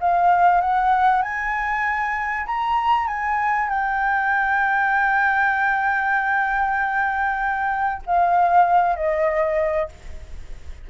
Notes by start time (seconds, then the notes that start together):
0.00 F5
0.61 F#5
1.22 G#5
2.46 A#5
3.07 G#5
3.69 G5
8.06 F5
8.96 D#5